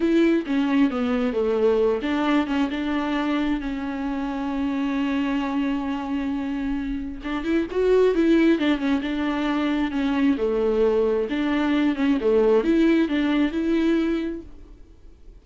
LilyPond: \new Staff \with { instrumentName = "viola" } { \time 4/4 \tempo 4 = 133 e'4 cis'4 b4 a4~ | a8 d'4 cis'8 d'2 | cis'1~ | cis'1 |
d'8 e'8 fis'4 e'4 d'8 cis'8 | d'2 cis'4 a4~ | a4 d'4. cis'8 a4 | e'4 d'4 e'2 | }